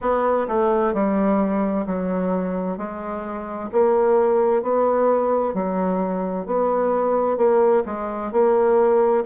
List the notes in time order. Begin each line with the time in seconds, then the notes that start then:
0.01 B3
0.47 A3
0.93 G3
1.86 F#3
2.77 G#3
3.72 A#3
4.62 B3
5.53 F#3
6.46 B3
7.37 A#3
7.85 G#3
8.32 A#3